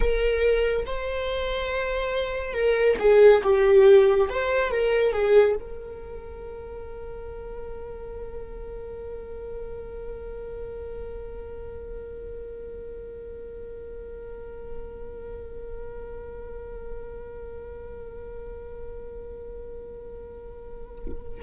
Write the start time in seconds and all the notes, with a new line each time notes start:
0.00 A#4
0.86 C5
2.53 A#4
2.99 G#4
3.43 G4
4.29 C5
4.70 A#4
5.12 G#4
5.59 A#4